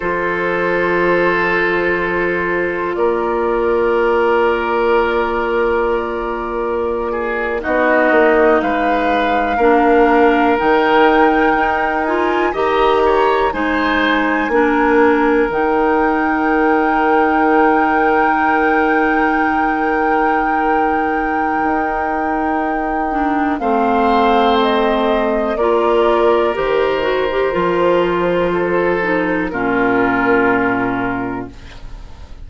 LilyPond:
<<
  \new Staff \with { instrumentName = "flute" } { \time 4/4 \tempo 4 = 61 c''2. d''4~ | d''2.~ d''8. dis''16~ | dis''8. f''2 g''4~ g''16~ | g''16 gis''8 ais''4 gis''2 g''16~ |
g''1~ | g''1 | f''4 dis''4 d''4 c''4~ | c''2 ais'2 | }
  \new Staff \with { instrumentName = "oboe" } { \time 4/4 a'2. ais'4~ | ais'2.~ ais'16 gis'8 fis'16~ | fis'8. b'4 ais'2~ ais'16~ | ais'8. dis''8 cis''8 c''4 ais'4~ ais'16~ |
ais'1~ | ais'1 | c''2 ais'2~ | ais'4 a'4 f'2 | }
  \new Staff \with { instrumentName = "clarinet" } { \time 4/4 f'1~ | f'2.~ f'8. dis'16~ | dis'4.~ dis'16 d'4 dis'4~ dis'16~ | dis'16 f'8 g'4 dis'4 d'4 dis'16~ |
dis'1~ | dis'2.~ dis'8 d'8 | c'2 f'4 g'8 fis'16 g'16 | f'4. dis'8 cis'2 | }
  \new Staff \with { instrumentName = "bassoon" } { \time 4/4 f2. ais4~ | ais2.~ ais8. b16~ | b16 ais8 gis4 ais4 dis4 dis'16~ | dis'8. dis4 gis4 ais4 dis16~ |
dis1~ | dis2 dis'2 | a2 ais4 dis4 | f2 ais,2 | }
>>